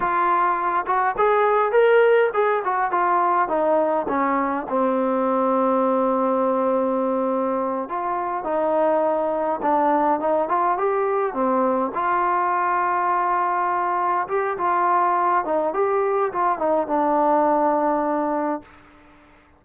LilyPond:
\new Staff \with { instrumentName = "trombone" } { \time 4/4 \tempo 4 = 103 f'4. fis'8 gis'4 ais'4 | gis'8 fis'8 f'4 dis'4 cis'4 | c'1~ | c'4. f'4 dis'4.~ |
dis'8 d'4 dis'8 f'8 g'4 c'8~ | c'8 f'2.~ f'8~ | f'8 g'8 f'4. dis'8 g'4 | f'8 dis'8 d'2. | }